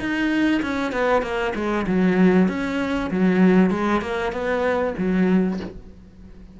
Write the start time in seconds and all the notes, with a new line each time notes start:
0.00 D#4
0.62 C#4
0.93 B3
1.22 A#3
1.55 G#3
1.88 F#3
2.49 C#4
3.11 F#3
3.71 G#3
4.01 A#3
4.32 B3
4.98 F#3